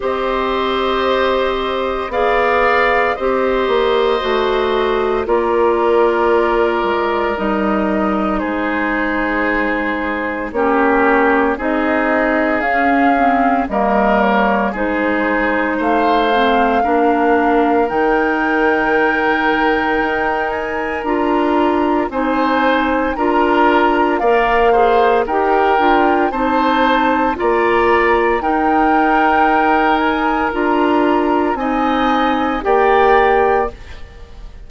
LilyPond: <<
  \new Staff \with { instrumentName = "flute" } { \time 4/4 \tempo 4 = 57 dis''2 f''4 dis''4~ | dis''4 d''2 dis''4 | c''2 cis''4 dis''4 | f''4 dis''8 cis''8 c''4 f''4~ |
f''4 g''2~ g''8 gis''8 | ais''4 gis''4 ais''4 f''4 | g''4 a''4 ais''4 g''4~ | g''8 gis''8 ais''4 gis''4 g''4 | }
  \new Staff \with { instrumentName = "oboe" } { \time 4/4 c''2 d''4 c''4~ | c''4 ais'2. | gis'2 g'4 gis'4~ | gis'4 ais'4 gis'4 c''4 |
ais'1~ | ais'4 c''4 ais'4 d''8 c''8 | ais'4 c''4 d''4 ais'4~ | ais'2 dis''4 d''4 | }
  \new Staff \with { instrumentName = "clarinet" } { \time 4/4 g'2 gis'4 g'4 | fis'4 f'2 dis'4~ | dis'2 cis'4 dis'4 | cis'8 c'8 ais4 dis'4. c'8 |
d'4 dis'2. | f'4 dis'4 f'4 ais'8 gis'8 | g'8 f'8 dis'4 f'4 dis'4~ | dis'4 f'4 dis'4 g'4 | }
  \new Staff \with { instrumentName = "bassoon" } { \time 4/4 c'2 b4 c'8 ais8 | a4 ais4. gis8 g4 | gis2 ais4 c'4 | cis'4 g4 gis4 a4 |
ais4 dis2 dis'4 | d'4 c'4 d'4 ais4 | dis'8 d'8 c'4 ais4 dis'4~ | dis'4 d'4 c'4 ais4 | }
>>